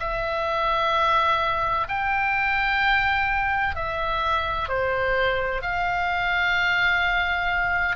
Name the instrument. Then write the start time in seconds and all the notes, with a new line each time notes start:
oboe
0.00 E5
1.88 G5
3.75 E5
4.68 C5
5.62 F5